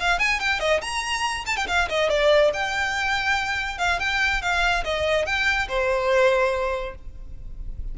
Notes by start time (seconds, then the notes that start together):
0.00 F5
0.19 G#5
0.40 G5
0.60 D#5
0.82 A#5
1.46 A5
1.57 G5
1.67 F5
1.89 D#5
2.09 D5
2.54 G5
3.79 F5
3.99 G5
4.42 F5
4.84 D#5
5.26 G5
5.69 C5